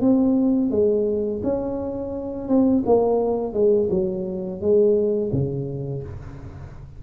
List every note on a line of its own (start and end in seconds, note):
0.00 0.71 C4
0.71 1.41 G#3
1.43 2.48 C#4
2.48 2.83 C4
2.85 3.53 A#3
3.53 3.88 G#3
3.90 4.61 F#3
4.61 5.31 G#3
5.32 6.03 C#3